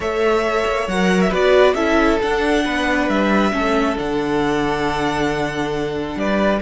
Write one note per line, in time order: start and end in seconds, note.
0.00 0.64 A3
0.00 0.89 A4
0.00 1.29 C#5
0.00 0.89 E5
0.66 0.87 A#3
0.87 1.31 F#3
0.87 1.31 A#4
0.87 1.21 F#5
1.21 1.32 E5
1.29 1.74 B3
1.29 1.75 F#4
1.29 1.73 B4
1.29 1.74 D5
1.74 2.18 C#4
1.74 2.20 E4
1.74 2.64 A4
1.74 2.18 E5
2.21 3.52 D4
2.21 2.65 D4
2.21 3.08 F#5
2.64 3.08 B3
2.64 3.52 B4
3.08 3.52 G3
3.08 3.97 E5
3.52 3.97 A3
3.52 3.96 C#4
3.52 6.17 A4
3.96 6.15 D3
3.96 6.60 D4
3.96 6.19 F#5
6.15 6.59 G3
6.15 6.61 B4
6.15 6.61 D5